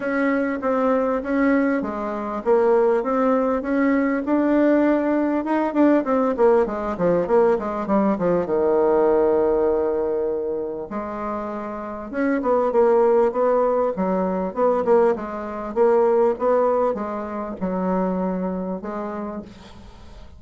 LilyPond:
\new Staff \with { instrumentName = "bassoon" } { \time 4/4 \tempo 4 = 99 cis'4 c'4 cis'4 gis4 | ais4 c'4 cis'4 d'4~ | d'4 dis'8 d'8 c'8 ais8 gis8 f8 | ais8 gis8 g8 f8 dis2~ |
dis2 gis2 | cis'8 b8 ais4 b4 fis4 | b8 ais8 gis4 ais4 b4 | gis4 fis2 gis4 | }